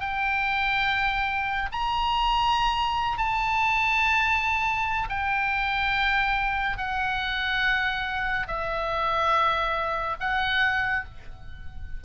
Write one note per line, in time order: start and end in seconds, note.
0.00 1.69 G5
1.72 3.18 A#5
3.18 5.08 A5
5.09 6.78 G5
6.78 8.47 F#5
8.47 10.16 E5
10.20 11.04 F#5